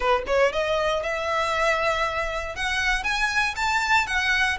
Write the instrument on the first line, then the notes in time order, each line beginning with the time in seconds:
violin
0.00 B4
0.26 C#5
0.52 D#5
1.03 E5
2.55 F#5
3.03 G#5
3.56 A5
4.07 F#5